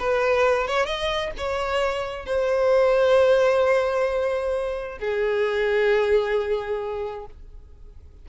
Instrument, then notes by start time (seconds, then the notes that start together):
violin
0.00 B4
0.68 C#5
0.86 D#5
1.38 C#5
2.26 C5
4.99 G#4